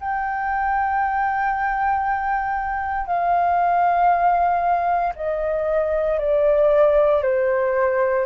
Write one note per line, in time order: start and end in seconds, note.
0.00 3.07 G5
3.07 5.13 F5
5.16 6.19 D#5
6.19 7.23 D5
7.23 8.26 C5